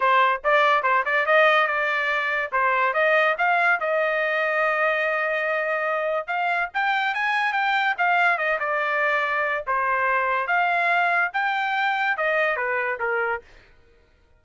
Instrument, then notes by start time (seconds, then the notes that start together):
trumpet
0.00 C5
0.44 D5
0.83 C5
1.05 D5
1.25 D#5
1.67 D5
2.52 C5
2.93 D#5
3.38 F5
3.80 D#5
6.27 F5
6.73 G5
7.14 G#5
7.53 G5
7.97 F5
8.37 D#5
8.59 D5
9.66 C5
10.47 F5
11.33 G5
12.17 D#5
12.56 B4
12.99 A#4